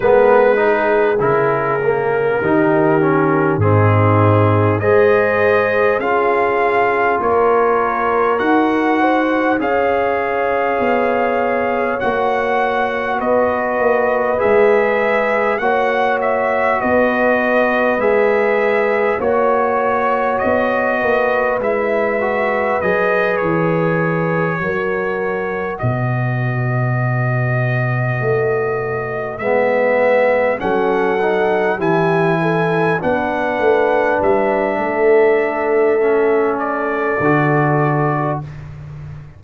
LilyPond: <<
  \new Staff \with { instrumentName = "trumpet" } { \time 4/4 \tempo 4 = 50 b'4 ais'2 gis'4 | dis''4 f''4 cis''4 fis''4 | f''2 fis''4 dis''4 | e''4 fis''8 e''8 dis''4 e''4 |
cis''4 dis''4 e''4 dis''8 cis''8~ | cis''4. dis''2~ dis''8~ | dis''8 e''4 fis''4 gis''4 fis''8~ | fis''8 e''2 d''4. | }
  \new Staff \with { instrumentName = "horn" } { \time 4/4 ais'8 gis'4. g'4 dis'4 | c''4 gis'4 ais'4. c''8 | cis''2. b'4~ | b'4 cis''4 b'2 |
cis''4. b'2~ b'8~ | b'8 ais'4 b'2~ b'8~ | b'4. a'4 g'8 a'8 b'8~ | b'4 a'2. | }
  \new Staff \with { instrumentName = "trombone" } { \time 4/4 b8 dis'8 e'8 ais8 dis'8 cis'8 c'4 | gis'4 f'2 fis'4 | gis'2 fis'2 | gis'4 fis'2 gis'4 |
fis'2 e'8 fis'8 gis'4~ | gis'8 fis'2.~ fis'8~ | fis'8 b4 cis'8 dis'8 e'4 d'8~ | d'2 cis'4 fis'4 | }
  \new Staff \with { instrumentName = "tuba" } { \time 4/4 gis4 cis4 dis4 gis,4 | gis4 cis'4 ais4 dis'4 | cis'4 b4 ais4 b8 ais8 | gis4 ais4 b4 gis4 |
ais4 b8 ais8 gis4 fis8 e8~ | e8 fis4 b,2 a8~ | a8 gis4 fis4 e4 b8 | a8 g8 a2 d4 | }
>>